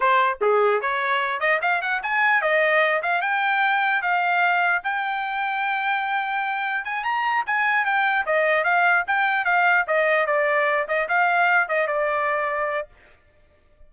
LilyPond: \new Staff \with { instrumentName = "trumpet" } { \time 4/4 \tempo 4 = 149 c''4 gis'4 cis''4. dis''8 | f''8 fis''8 gis''4 dis''4. f''8 | g''2 f''2 | g''1~ |
g''4 gis''8 ais''4 gis''4 g''8~ | g''8 dis''4 f''4 g''4 f''8~ | f''8 dis''4 d''4. dis''8 f''8~ | f''4 dis''8 d''2~ d''8 | }